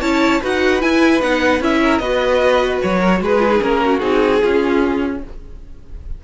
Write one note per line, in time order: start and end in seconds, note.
0.00 0.41 C#4
0.00 0.41 E4
0.00 0.40 C#5
0.00 0.41 A5
0.40 0.83 D#4
0.40 0.80 F#4
0.40 1.80 B4
0.40 0.81 F#5
0.80 1.20 E4
0.80 1.22 E4
0.80 1.21 G#5
1.21 1.60 B3
1.21 1.61 D#4
1.21 1.61 F#5
1.60 1.99 C#4
1.60 2.01 E4
1.60 1.98 E5
1.83 2.02 A#4
1.98 2.79 B3
1.98 3.38 F#4
1.98 2.98 B4
1.98 2.78 D#5
2.81 3.20 F#3
2.81 3.21 C#5
2.98 3.18 A#4
3.20 3.60 G#3
3.20 3.83 G#4
3.20 3.61 B4
3.38 3.48 F4
3.50 3.60 D#4
3.61 4.02 A#3
3.61 4.00 C#4
3.61 3.99 A#4
3.85 4.41 F#4
3.99 4.42 C4
3.99 4.40 D#4
3.99 5.19 G#4
4.41 5.23 C#4
4.41 5.24 C#4
4.41 5.21 F4